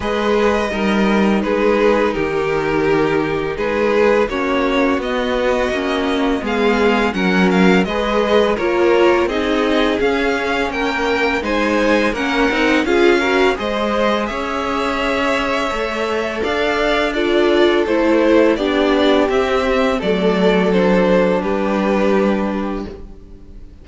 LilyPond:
<<
  \new Staff \with { instrumentName = "violin" } { \time 4/4 \tempo 4 = 84 dis''2 b'4 ais'4~ | ais'4 b'4 cis''4 dis''4~ | dis''4 f''4 fis''8 f''8 dis''4 | cis''4 dis''4 f''4 g''4 |
gis''4 fis''4 f''4 dis''4 | e''2. f''4 | d''4 c''4 d''4 e''4 | d''4 c''4 b'2 | }
  \new Staff \with { instrumentName = "violin" } { \time 4/4 b'4 ais'4 gis'4 g'4~ | g'4 gis'4 fis'2~ | fis'4 gis'4 ais'4 b'4 | ais'4 gis'2 ais'4 |
c''4 ais'4 gis'8 ais'8 c''4 | cis''2. d''4 | a'2 g'2 | a'2 g'2 | }
  \new Staff \with { instrumentName = "viola" } { \time 4/4 gis'4 dis'2.~ | dis'2 cis'4 b4 | cis'4 b4 cis'4 gis'4 | f'4 dis'4 cis'2 |
dis'4 cis'8 dis'8 f'8 fis'8 gis'4~ | gis'2 a'2 | f'4 e'4 d'4 c'4 | a4 d'2. | }
  \new Staff \with { instrumentName = "cello" } { \time 4/4 gis4 g4 gis4 dis4~ | dis4 gis4 ais4 b4 | ais4 gis4 fis4 gis4 | ais4 c'4 cis'4 ais4 |
gis4 ais8 c'8 cis'4 gis4 | cis'2 a4 d'4~ | d'4 a4 b4 c'4 | fis2 g2 | }
>>